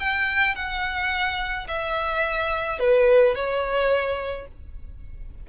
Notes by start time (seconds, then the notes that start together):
0.00 G5
0.56 F#5
1.68 E5
2.80 B4
3.36 C#5